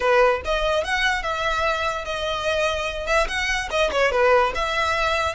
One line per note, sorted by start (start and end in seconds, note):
0.00 0.41 B4
0.44 0.83 D#5
0.83 1.23 F#5
1.23 2.05 E5
2.05 3.06 D#5
3.06 3.27 E5
3.28 3.69 F#5
3.70 3.90 D#5
3.91 4.11 C#5
4.11 4.52 B4
4.54 5.34 E5